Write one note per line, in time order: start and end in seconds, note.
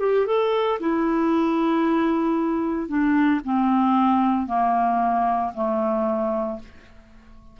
0.00 0.26 G4
0.26 0.79 A4
0.80 2.88 E4
2.88 3.41 D4
3.44 4.47 C4
4.47 5.52 A#3
5.55 6.60 A3